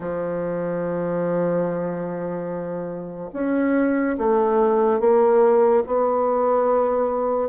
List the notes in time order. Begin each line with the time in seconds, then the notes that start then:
0.00 F3
3.33 C#4
4.17 A3
5.00 A#3
5.86 B3